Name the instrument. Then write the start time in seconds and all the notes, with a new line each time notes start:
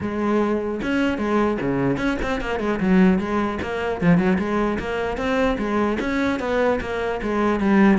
cello
0.00 G#3
0.82 C#4
1.17 G#3
1.60 C#3
1.97 C#4
2.22 C4
2.40 A#3
2.59 G#3
2.79 F#3
3.19 G#3
3.62 A#3
4.01 F3
4.17 F#3
4.38 G#3
4.79 A#3
5.17 C4
5.58 G#3
6.00 C#4
6.39 B3
6.81 A#3
7.22 G#3
7.60 G3